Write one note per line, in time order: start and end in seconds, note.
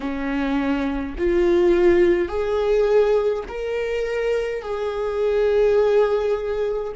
0.00 1.15 C#4
1.17 2.28 F4
2.28 3.43 G#4
3.48 4.62 A#4
4.62 6.92 G#4